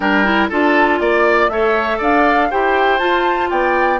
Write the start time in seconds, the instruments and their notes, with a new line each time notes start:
0.00 bassoon G3, clarinet D4, oboe A#4, flute G5
0.24 clarinet E4
0.49 bassoon D4, clarinet F4, oboe A4, flute A5
0.99 bassoon A#3, flute D5, oboe D5
1.48 bassoon A3, clarinet A4, oboe C#5, flute E5
1.98 bassoon D4, oboe D5, flute F5
2.50 bassoon E4, clarinet G4, oboe C5, flute G5
2.98 clarinet F4, bassoon F4, flute A5
3.50 bassoon B3, oboe D5, flute G5